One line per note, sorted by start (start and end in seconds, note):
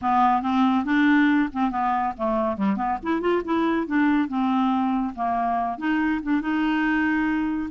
0.01 0.42 B3
0.42 0.84 C4
0.84 1.49 D4
1.52 1.70 C4
1.70 2.13 B3
2.17 2.56 A3
2.56 2.76 G3
2.76 2.98 B3
3.02 3.20 E4
3.20 3.42 F4
3.44 3.86 E4
3.86 4.28 D4
4.28 5.14 C4
5.15 5.78 A#3
5.78 6.20 D#4
6.22 6.41 D4
6.41 7.69 D#4